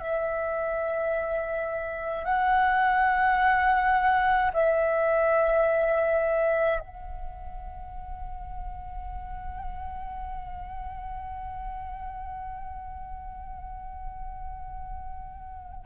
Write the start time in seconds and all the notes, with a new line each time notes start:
0.00 E5
2.25 F#5
4.53 E5
6.80 F#5